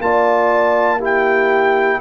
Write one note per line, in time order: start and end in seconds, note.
0.00 2.00 A#3
0.00 1.00 F4
0.00 0.98 D5
0.00 1.02 A5
0.98 2.00 E4
0.98 1.98 G4
1.05 2.01 G5